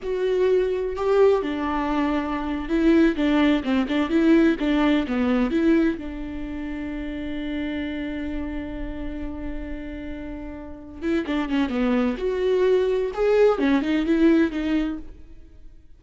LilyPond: \new Staff \with { instrumentName = "viola" } { \time 4/4 \tempo 4 = 128 fis'2 g'4 d'4~ | d'4.~ d'16 e'4 d'4 c'16~ | c'16 d'8 e'4 d'4 b4 e'16~ | e'8. d'2.~ d'16~ |
d'1~ | d'2.~ d'8 e'8 | d'8 cis'8 b4 fis'2 | gis'4 cis'8 dis'8 e'4 dis'4 | }